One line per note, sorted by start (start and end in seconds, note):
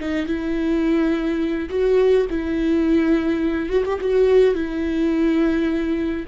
0.00 0.27 D#4
0.27 1.70 E4
1.70 2.27 F#4
2.30 3.70 E4
3.70 3.84 F#4
3.85 4.00 G4
4.01 4.55 F#4
4.55 6.26 E4